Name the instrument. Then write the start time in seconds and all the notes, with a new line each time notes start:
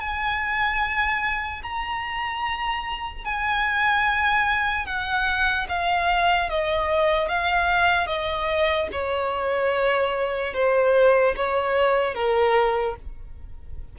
violin
0.00 G#5
1.63 A#5
3.25 G#5
4.86 F#5
5.69 F5
6.50 D#5
7.29 F5
8.07 D#5
8.92 C#5
10.54 C5
11.36 C#5
12.15 A#4